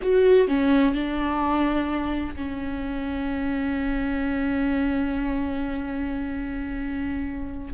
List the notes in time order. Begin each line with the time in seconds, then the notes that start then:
0.01 F#4
0.47 C#4
0.94 D4
2.35 C#4